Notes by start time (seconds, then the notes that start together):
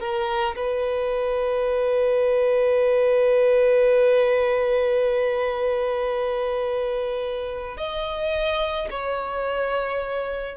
0.00 A#4
0.56 B4
7.77 D#5
8.90 C#5